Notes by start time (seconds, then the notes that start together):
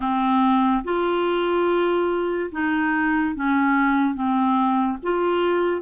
0.00 C4
0.83 F4
2.52 D#4
3.35 C#4
4.14 C4
5.02 F4